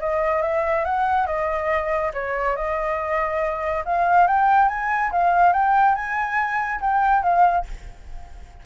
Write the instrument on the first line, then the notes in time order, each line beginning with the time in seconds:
flute
0.00 D#5
0.42 E5
0.85 F#5
1.26 D#5
2.13 C#5
2.56 D#5
3.85 F5
4.27 G5
4.68 G#5
5.11 F5
5.53 G5
5.95 G#5
6.81 G5
7.22 F5